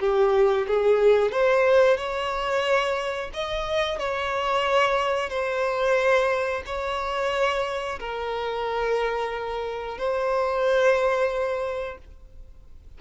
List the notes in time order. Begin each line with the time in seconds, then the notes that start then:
0.00 G4
0.68 G#4
1.32 C5
1.97 C#5
3.34 D#5
3.99 C#5
5.30 C5
6.66 C#5
8.00 A#4
9.98 C5